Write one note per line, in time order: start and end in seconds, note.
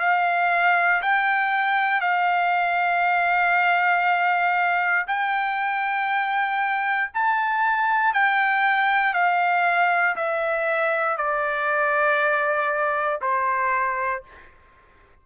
0.00 1.02 F5
1.02 2.01 G5
2.01 5.06 F5
5.08 7.11 G5
7.14 8.14 A5
8.14 9.14 G5
9.14 10.16 F5
10.16 11.17 E5
11.17 13.21 D5
13.22 14.23 C5